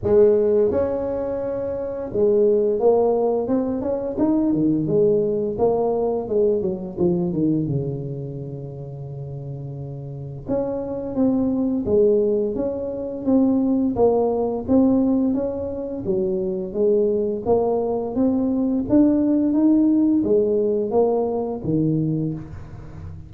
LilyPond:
\new Staff \with { instrumentName = "tuba" } { \time 4/4 \tempo 4 = 86 gis4 cis'2 gis4 | ais4 c'8 cis'8 dis'8 dis8 gis4 | ais4 gis8 fis8 f8 dis8 cis4~ | cis2. cis'4 |
c'4 gis4 cis'4 c'4 | ais4 c'4 cis'4 fis4 | gis4 ais4 c'4 d'4 | dis'4 gis4 ais4 dis4 | }